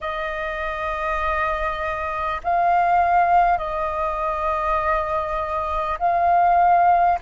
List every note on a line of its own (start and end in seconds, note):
0.00 2.40 D#5
2.43 3.58 F5
3.58 5.98 D#5
5.98 7.18 F5